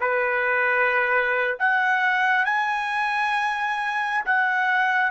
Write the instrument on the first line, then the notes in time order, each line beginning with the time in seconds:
trumpet
0.00 B4
1.59 F#5
2.45 G#5
4.25 F#5